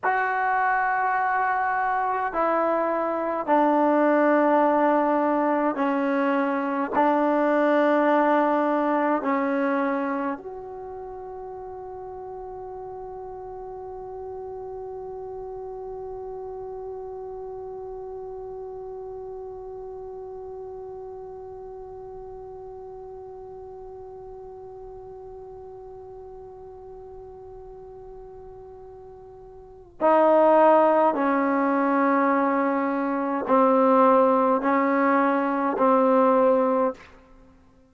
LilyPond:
\new Staff \with { instrumentName = "trombone" } { \time 4/4 \tempo 4 = 52 fis'2 e'4 d'4~ | d'4 cis'4 d'2 | cis'4 fis'2.~ | fis'1~ |
fis'1~ | fis'1~ | fis'2 dis'4 cis'4~ | cis'4 c'4 cis'4 c'4 | }